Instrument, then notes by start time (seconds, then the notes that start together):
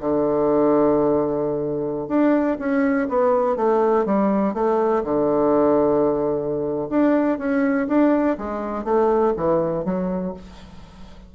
bassoon
0.00 D3
2.08 D4
2.59 C#4
3.08 B3
3.56 A3
4.05 G3
4.54 A3
5.03 D3
6.89 D4
7.38 C#4
7.88 D4
8.37 G#3
8.84 A3
9.36 E3
9.84 F#3